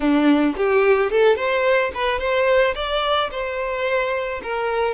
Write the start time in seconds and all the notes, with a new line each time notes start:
0.00 D4
0.57 G4
1.10 A4
1.36 C5
1.94 B4
2.19 C5
2.74 D5
3.31 C5
4.42 A#4